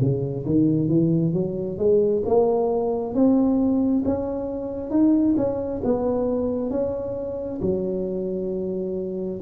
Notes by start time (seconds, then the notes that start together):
0.00 C#3
0.45 D#3
0.88 E3
1.33 F#3
1.78 G#3
2.26 A#3
3.14 C4
4.05 C#4
4.90 D#4
5.37 C#4
5.84 B3
6.70 C#4
7.61 F#3